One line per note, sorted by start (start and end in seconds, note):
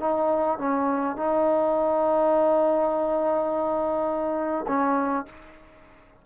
0.00 0.58 D#4
0.58 1.16 C#4
1.16 4.65 D#4
4.67 5.26 C#4